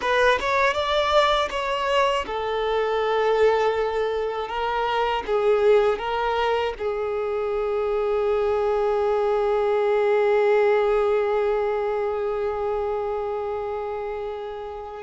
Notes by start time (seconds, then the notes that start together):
0.01 B4
0.40 C#5
0.73 D5
1.50 C#5
2.26 A4
4.48 A#4
5.26 G#4
5.98 A#4
6.78 G#4